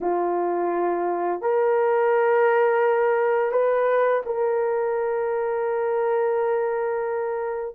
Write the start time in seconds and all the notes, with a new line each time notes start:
0.00 F4
1.41 A#4
3.51 B4
4.25 A#4